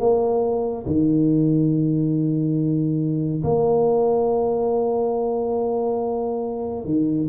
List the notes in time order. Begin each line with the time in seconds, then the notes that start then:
0.00 A#3
0.86 D#3
3.44 A#3
6.85 D#3